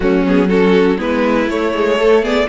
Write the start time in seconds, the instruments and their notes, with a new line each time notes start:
0.00 cello F#3, viola A3, violin C#4 F#4
0.26 viola B3, violin G#4
0.48 viola C#4, violin F#4 A4
0.97 cello G#3, viola B3, violin E4 B4
1.46 cello A3, viola A3, violin C#5
1.74 viola G#3
1.98 viola A3, violin A4
2.22 viola B3, violin G#4 D5